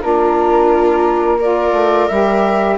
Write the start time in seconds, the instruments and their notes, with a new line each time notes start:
0.00 bassoon A#3, saxophone D4, viola F4, flute A#4
1.39 saxophone F4, viola A#4, flute D5
1.72 bassoon A3
2.08 bassoon G3, saxophone G4, flute E5